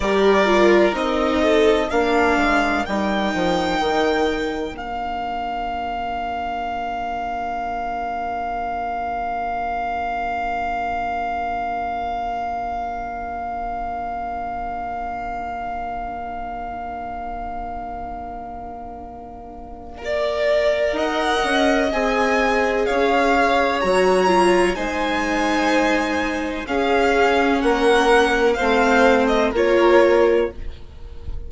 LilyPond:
<<
  \new Staff \with { instrumentName = "violin" } { \time 4/4 \tempo 4 = 63 d''4 dis''4 f''4 g''4~ | g''4 f''2.~ | f''1~ | f''1~ |
f''1~ | f''2 fis''4 gis''4 | f''4 ais''4 gis''2 | f''4 fis''4 f''8. dis''16 cis''4 | }
  \new Staff \with { instrumentName = "violin" } { \time 4/4 ais'4. a'8 ais'2~ | ais'1~ | ais'1~ | ais'1~ |
ais'1~ | ais'4 d''4 dis''2 | cis''2 c''2 | gis'4 ais'4 c''4 ais'4 | }
  \new Staff \with { instrumentName = "viola" } { \time 4/4 g'8 f'8 dis'4 d'4 dis'4~ | dis'4 d'2.~ | d'1~ | d'1~ |
d'1~ | d'4 ais'2 gis'4~ | gis'4 fis'8 f'8 dis'2 | cis'2 c'4 f'4 | }
  \new Staff \with { instrumentName = "bassoon" } { \time 4/4 g4 c'4 ais8 gis8 g8 f8 | dis4 ais2.~ | ais1~ | ais1~ |
ais1~ | ais2 dis'8 cis'8 c'4 | cis'4 fis4 gis2 | cis'4 ais4 a4 ais4 | }
>>